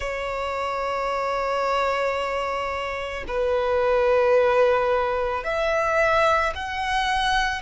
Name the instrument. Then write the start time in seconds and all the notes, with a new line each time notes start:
violin
0.00 C#5
3.27 B4
5.43 E5
6.55 F#5